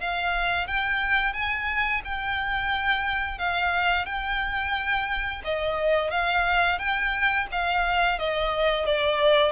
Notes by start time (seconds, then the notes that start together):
0.00 F5
0.67 G5
1.33 G#5
2.04 G5
3.38 F5
4.05 G5
5.44 D#5
6.11 F5
6.78 G5
7.51 F5
8.18 D#5
8.85 D5